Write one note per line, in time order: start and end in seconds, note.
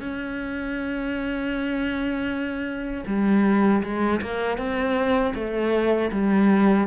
0.00 3.04 C#4
3.07 3.83 G3
3.83 4.21 G#3
4.22 4.57 A#3
4.57 5.33 C4
5.35 6.11 A3
6.12 6.87 G3